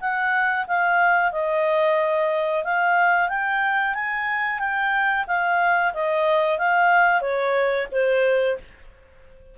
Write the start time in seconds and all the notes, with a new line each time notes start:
0.00 F#5
0.67 F5
1.32 D#5
2.64 F5
3.28 G5
3.94 G#5
4.59 G5
5.27 F5
5.93 D#5
6.58 F5
7.21 C#5
7.92 C5